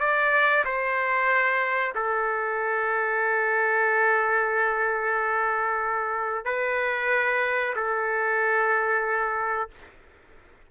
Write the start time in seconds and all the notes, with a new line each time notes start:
0.00 D5
0.65 C5
1.95 A4
6.45 B4
7.76 A4